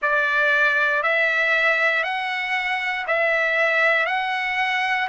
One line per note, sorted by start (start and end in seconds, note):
0.02 1.03 D5
1.03 2.03 E5
2.03 3.05 F#5
3.07 4.06 E5
4.06 5.08 F#5